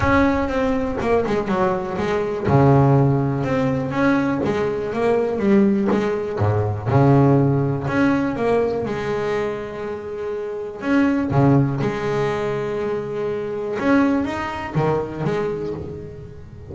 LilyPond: \new Staff \with { instrumentName = "double bass" } { \time 4/4 \tempo 4 = 122 cis'4 c'4 ais8 gis8 fis4 | gis4 cis2 c'4 | cis'4 gis4 ais4 g4 | gis4 gis,4 cis2 |
cis'4 ais4 gis2~ | gis2 cis'4 cis4 | gis1 | cis'4 dis'4 dis4 gis4 | }